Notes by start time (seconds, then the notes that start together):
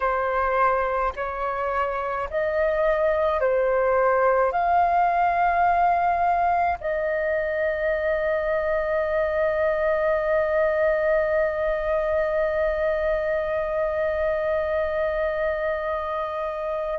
0.00 C5
1.16 C#5
2.30 D#5
3.40 C5
4.52 F5
6.80 D#5